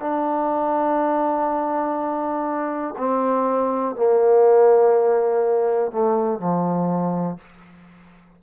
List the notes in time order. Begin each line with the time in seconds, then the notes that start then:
0.00 D4
2.98 C4
3.96 A#3
5.92 A3
6.40 F3